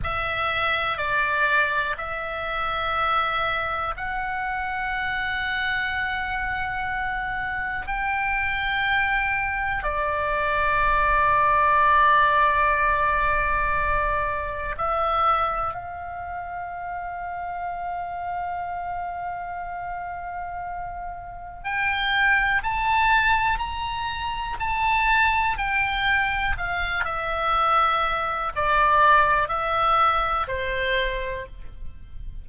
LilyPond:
\new Staff \with { instrumentName = "oboe" } { \time 4/4 \tempo 4 = 61 e''4 d''4 e''2 | fis''1 | g''2 d''2~ | d''2. e''4 |
f''1~ | f''2 g''4 a''4 | ais''4 a''4 g''4 f''8 e''8~ | e''4 d''4 e''4 c''4 | }